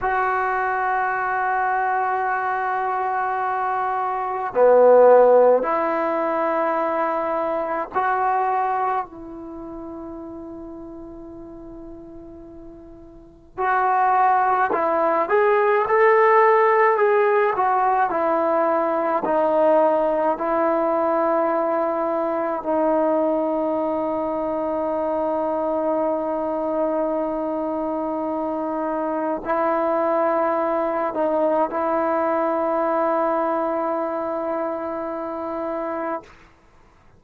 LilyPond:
\new Staff \with { instrumentName = "trombone" } { \time 4/4 \tempo 4 = 53 fis'1 | b4 e'2 fis'4 | e'1 | fis'4 e'8 gis'8 a'4 gis'8 fis'8 |
e'4 dis'4 e'2 | dis'1~ | dis'2 e'4. dis'8 | e'1 | }